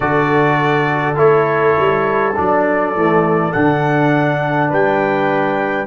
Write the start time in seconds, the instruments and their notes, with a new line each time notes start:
0.00 tuba D3, trombone F#4, horn A4, trumpet D5
1.15 tuba A3, trombone E4, trumpet C#5
1.77 tuba G3
2.36 tuba F#3, trombone D4, trumpet D5
2.95 tuba E3, trombone A3
3.52 tuba D3, trombone D4, trumpet F#5
4.69 tuba G3, horn B4, trumpet G5